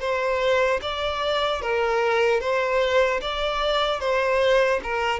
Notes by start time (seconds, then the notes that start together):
0.00 C5
0.82 D5
1.62 A#4
2.40 C5
3.21 D5
4.00 C5
4.84 A#4